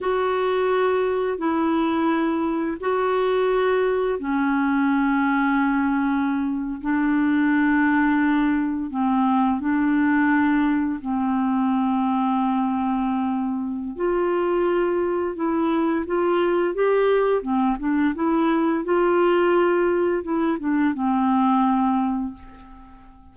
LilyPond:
\new Staff \with { instrumentName = "clarinet" } { \time 4/4 \tempo 4 = 86 fis'2 e'2 | fis'2 cis'2~ | cis'4.~ cis'16 d'2~ d'16~ | d'8. c'4 d'2 c'16~ |
c'1 | f'2 e'4 f'4 | g'4 c'8 d'8 e'4 f'4~ | f'4 e'8 d'8 c'2 | }